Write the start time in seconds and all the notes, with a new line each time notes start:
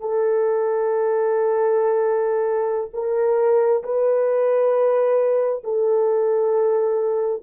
0.00 A4
2.93 A#4
3.83 B4
5.64 A4